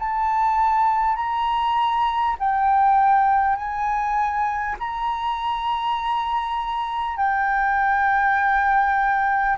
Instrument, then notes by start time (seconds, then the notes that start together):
flute
0.00 A5
1.17 A#5
2.40 G5
3.57 G#5
4.79 A#5
7.17 G5